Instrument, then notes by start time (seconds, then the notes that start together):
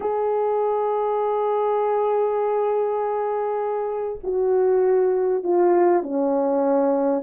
horn
0.00 G#4
4.23 F#4
5.43 F4
6.02 C#4